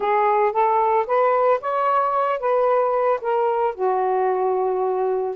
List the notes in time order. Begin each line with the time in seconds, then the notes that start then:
0.00 G#4
0.52 A4
1.06 B4
1.60 C#5
2.39 B4
3.21 A#4
3.74 F#4